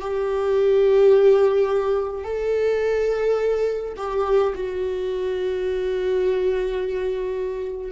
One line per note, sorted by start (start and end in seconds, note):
0.00 2.24 G4
2.24 3.94 A4
3.97 4.53 G4
4.55 7.91 F#4